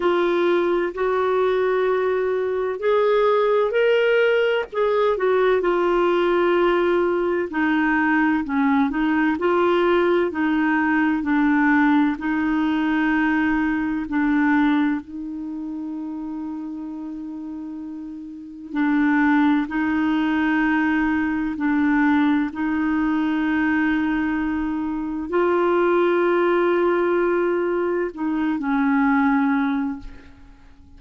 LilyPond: \new Staff \with { instrumentName = "clarinet" } { \time 4/4 \tempo 4 = 64 f'4 fis'2 gis'4 | ais'4 gis'8 fis'8 f'2 | dis'4 cis'8 dis'8 f'4 dis'4 | d'4 dis'2 d'4 |
dis'1 | d'4 dis'2 d'4 | dis'2. f'4~ | f'2 dis'8 cis'4. | }